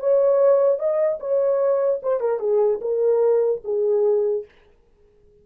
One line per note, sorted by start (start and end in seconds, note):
0.00 0.79 C#5
0.79 1.19 D#5
1.20 2.01 C#5
2.03 2.20 C5
2.20 2.40 A#4
2.40 2.80 G#4
2.81 3.62 A#4
3.65 4.45 G#4